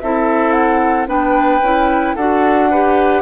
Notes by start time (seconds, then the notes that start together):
0.00 C4 E4 A4 E5
0.52 F#5
1.07 B3 D4 B4 G5
1.62 C#4 E4
2.16 D4 F#4 A4 F#5
2.71 G4 B4